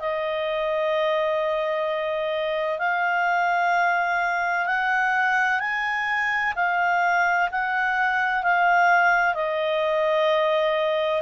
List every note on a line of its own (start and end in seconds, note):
0.00 2.79 D#5
2.79 4.67 F5
4.67 5.60 F#5
5.60 6.54 G#5
6.56 7.50 F5
7.52 8.44 F#5
8.44 9.35 F5
9.35 11.22 D#5